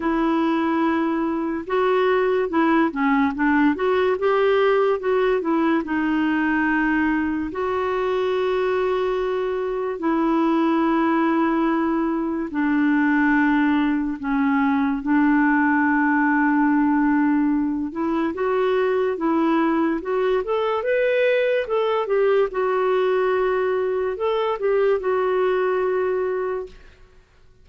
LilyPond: \new Staff \with { instrumentName = "clarinet" } { \time 4/4 \tempo 4 = 72 e'2 fis'4 e'8 cis'8 | d'8 fis'8 g'4 fis'8 e'8 dis'4~ | dis'4 fis'2. | e'2. d'4~ |
d'4 cis'4 d'2~ | d'4. e'8 fis'4 e'4 | fis'8 a'8 b'4 a'8 g'8 fis'4~ | fis'4 a'8 g'8 fis'2 | }